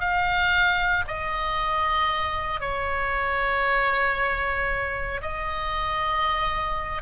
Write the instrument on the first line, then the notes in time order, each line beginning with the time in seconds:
oboe
0.00 F5
1.07 D#5
2.60 C#5
5.22 D#5